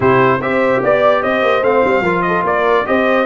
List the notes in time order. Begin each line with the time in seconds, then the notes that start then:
0.00 C3 E4 G4 C5
0.39 C4 G4 C5 E5
0.82 B3 D5
1.21 C4 C5 D#5
1.42 A#3
1.62 A3 C4 F5
1.84 G3
2.01 F3 F4 A#4
2.22 A4 D#5
2.43 A#3 A#4 D5
2.85 C4 G4 C5 D#5